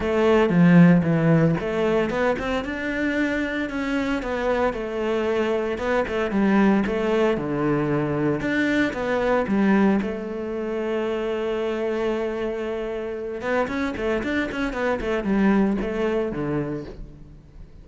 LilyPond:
\new Staff \with { instrumentName = "cello" } { \time 4/4 \tempo 4 = 114 a4 f4 e4 a4 | b8 c'8 d'2 cis'4 | b4 a2 b8 a8 | g4 a4 d2 |
d'4 b4 g4 a4~ | a1~ | a4. b8 cis'8 a8 d'8 cis'8 | b8 a8 g4 a4 d4 | }